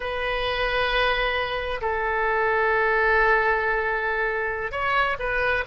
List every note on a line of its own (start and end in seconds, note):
0.00 1.80 B4
1.81 4.71 A4
4.71 5.16 C#5
5.19 5.64 B4